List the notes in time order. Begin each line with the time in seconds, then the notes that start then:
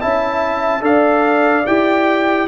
0.00 C#4 E4 E5 A5
0.80 D4 A4 D5 F5
1.66 E4 G4 G5